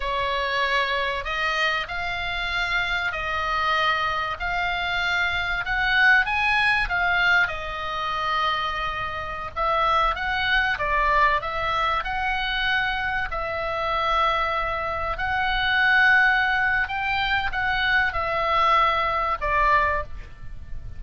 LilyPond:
\new Staff \with { instrumentName = "oboe" } { \time 4/4 \tempo 4 = 96 cis''2 dis''4 f''4~ | f''4 dis''2 f''4~ | f''4 fis''4 gis''4 f''4 | dis''2.~ dis''16 e''8.~ |
e''16 fis''4 d''4 e''4 fis''8.~ | fis''4~ fis''16 e''2~ e''8.~ | e''16 fis''2~ fis''8. g''4 | fis''4 e''2 d''4 | }